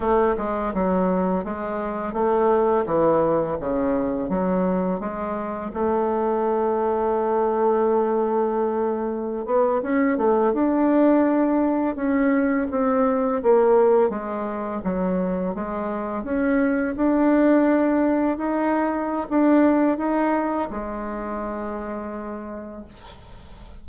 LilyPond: \new Staff \with { instrumentName = "bassoon" } { \time 4/4 \tempo 4 = 84 a8 gis8 fis4 gis4 a4 | e4 cis4 fis4 gis4 | a1~ | a4~ a16 b8 cis'8 a8 d'4~ d'16~ |
d'8. cis'4 c'4 ais4 gis16~ | gis8. fis4 gis4 cis'4 d'16~ | d'4.~ d'16 dis'4~ dis'16 d'4 | dis'4 gis2. | }